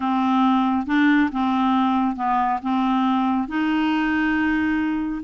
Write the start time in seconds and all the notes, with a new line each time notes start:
0.00 C4
0.86 D4
1.32 C4
2.16 B3
2.62 C4
3.48 D#4